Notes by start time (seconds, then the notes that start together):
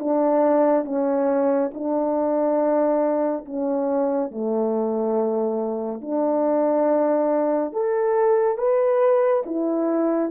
0.00 D4
0.85 C#4
1.74 D4
3.46 C#4
4.31 A3
6.02 D4
7.73 A4
8.58 B4
9.46 E4